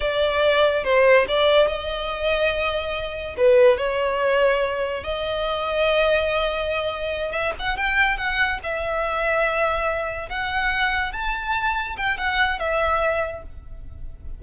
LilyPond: \new Staff \with { instrumentName = "violin" } { \time 4/4 \tempo 4 = 143 d''2 c''4 d''4 | dis''1 | b'4 cis''2. | dis''1~ |
dis''4. e''8 fis''8 g''4 fis''8~ | fis''8 e''2.~ e''8~ | e''8 fis''2 a''4.~ | a''8 g''8 fis''4 e''2 | }